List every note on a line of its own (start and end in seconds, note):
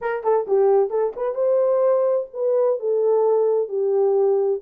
0.01 0.23 A#4
0.23 0.46 A4
0.47 0.90 G4
0.90 1.13 A4
1.15 1.34 B4
1.34 2.27 C5
2.33 2.79 B4
2.79 3.68 A4
3.68 4.60 G4